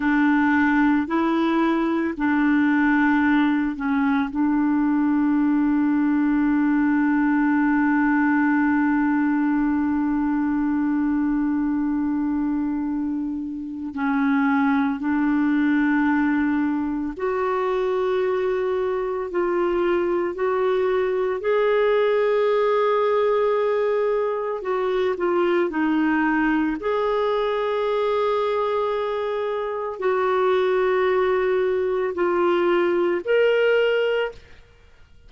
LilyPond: \new Staff \with { instrumentName = "clarinet" } { \time 4/4 \tempo 4 = 56 d'4 e'4 d'4. cis'8 | d'1~ | d'1~ | d'4 cis'4 d'2 |
fis'2 f'4 fis'4 | gis'2. fis'8 f'8 | dis'4 gis'2. | fis'2 f'4 ais'4 | }